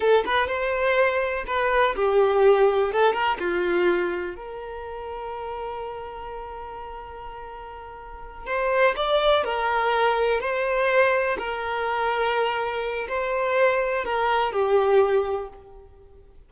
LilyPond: \new Staff \with { instrumentName = "violin" } { \time 4/4 \tempo 4 = 124 a'8 b'8 c''2 b'4 | g'2 a'8 ais'8 f'4~ | f'4 ais'2.~ | ais'1~ |
ais'4. c''4 d''4 ais'8~ | ais'4. c''2 ais'8~ | ais'2. c''4~ | c''4 ais'4 g'2 | }